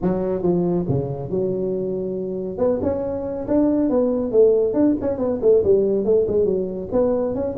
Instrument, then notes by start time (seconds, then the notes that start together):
tuba
0.02 F#3
0.42 F3
0.88 C#3
1.29 F#3
2.57 B3
2.82 C#4
3.47 D4
3.89 B3
4.31 A3
4.73 D4
5.01 C#4
5.18 B3
5.41 A3
5.64 G3
6.04 A3
6.27 G#3
6.45 F#3
6.91 B3
7.34 C#4